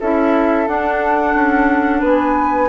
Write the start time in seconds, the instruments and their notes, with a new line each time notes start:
0.00 bassoon C#4, clarinet E4, flute A4 E5
0.67 clarinet D4, bassoon D4, flute F#5
1.34 bassoon C#4
2.00 bassoon B3, flute B4
2.06 flute G#5